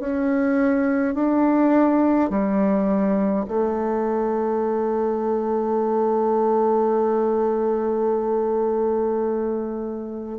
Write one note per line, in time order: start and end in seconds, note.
0.00 1.15 C#4
1.15 2.30 D4
2.30 3.46 G3
3.48 10.39 A3